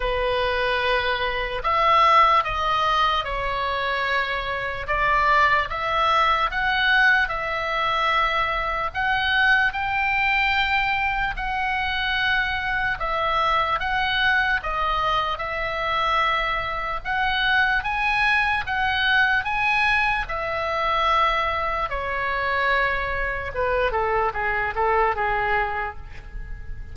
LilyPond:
\new Staff \with { instrumentName = "oboe" } { \time 4/4 \tempo 4 = 74 b'2 e''4 dis''4 | cis''2 d''4 e''4 | fis''4 e''2 fis''4 | g''2 fis''2 |
e''4 fis''4 dis''4 e''4~ | e''4 fis''4 gis''4 fis''4 | gis''4 e''2 cis''4~ | cis''4 b'8 a'8 gis'8 a'8 gis'4 | }